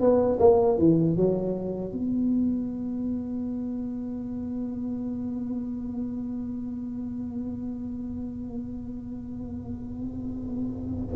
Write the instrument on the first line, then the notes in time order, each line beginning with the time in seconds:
tuba
0.00 B3
0.40 A#3
0.78 E3
1.16 F#3
1.92 B3